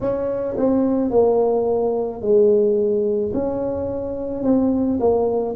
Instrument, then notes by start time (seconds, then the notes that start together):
tuba
0.00 C#4
0.57 C4
1.10 A#3
2.21 G#3
3.33 C#4
4.43 C4
4.99 A#3